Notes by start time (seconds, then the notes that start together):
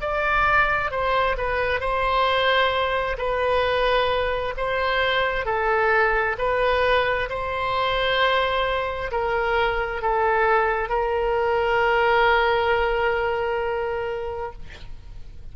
0.00 D5
0.90 C5
1.37 B4
1.80 C5
3.17 B4
4.57 C5
5.45 A4
6.38 B4
7.29 C5
9.11 A#4
10.01 A4
10.89 A#4